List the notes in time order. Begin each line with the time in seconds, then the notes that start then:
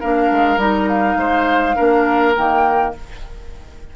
0.00 A#3 D4 A#4 F5
0.31 G#3
0.57 G3 D#4 A#5
0.88 F5
1.17 G#3 C5
1.75 A#3 D4 A#4
2.36 D#3 A#3 G5